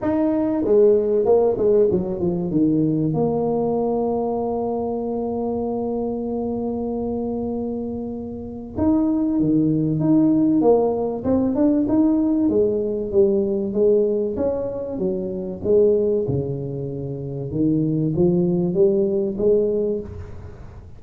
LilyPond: \new Staff \with { instrumentName = "tuba" } { \time 4/4 \tempo 4 = 96 dis'4 gis4 ais8 gis8 fis8 f8 | dis4 ais2.~ | ais1~ | ais2 dis'4 dis4 |
dis'4 ais4 c'8 d'8 dis'4 | gis4 g4 gis4 cis'4 | fis4 gis4 cis2 | dis4 f4 g4 gis4 | }